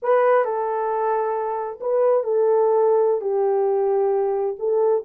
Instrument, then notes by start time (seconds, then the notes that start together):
horn
0.02 B4
0.45 A4
1.80 B4
2.23 A4
3.21 G4
4.58 A4